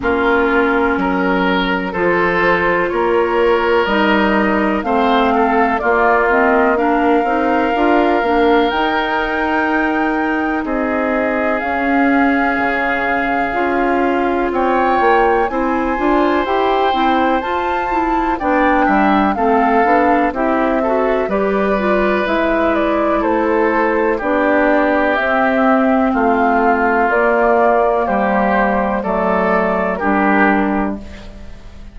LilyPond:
<<
  \new Staff \with { instrumentName = "flute" } { \time 4/4 \tempo 4 = 62 ais'2 c''4 cis''4 | dis''4 f''4 d''8 dis''8 f''4~ | f''4 g''2 dis''4 | f''2. g''4 |
gis''4 g''4 a''4 g''4 | f''4 e''4 d''4 e''8 d''8 | c''4 d''4 e''4 f''4 | d''4 c''4 d''4 ais'4 | }
  \new Staff \with { instrumentName = "oboe" } { \time 4/4 f'4 ais'4 a'4 ais'4~ | ais'4 c''8 a'8 f'4 ais'4~ | ais'2. gis'4~ | gis'2. cis''4 |
c''2. d''8 e''8 | a'4 g'8 a'8 b'2 | a'4 g'2 f'4~ | f'4 g'4 a'4 g'4 | }
  \new Staff \with { instrumentName = "clarinet" } { \time 4/4 cis'2 f'2 | dis'4 c'4 ais8 c'8 d'8 dis'8 | f'8 d'8 dis'2. | cis'2 f'2 |
e'8 f'8 g'8 e'8 f'8 e'8 d'4 | c'8 d'8 e'8 fis'8 g'8 f'8 e'4~ | e'4 d'4 c'2 | ais2 a4 d'4 | }
  \new Staff \with { instrumentName = "bassoon" } { \time 4/4 ais4 fis4 f4 ais4 | g4 a4 ais4. c'8 | d'8 ais8 dis'2 c'4 | cis'4 cis4 cis'4 c'8 ais8 |
c'8 d'8 e'8 c'8 f'4 b8 g8 | a8 b8 c'4 g4 gis4 | a4 b4 c'4 a4 | ais4 g4 fis4 g4 | }
>>